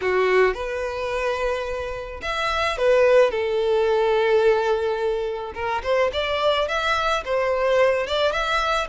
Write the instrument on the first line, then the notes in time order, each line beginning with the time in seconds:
violin
0.01 F#4
0.54 B4
2.22 E5
2.77 B4
3.30 A4
5.54 A#4
5.83 C5
6.12 D5
6.68 E5
7.24 C5
8.07 D5
8.32 E5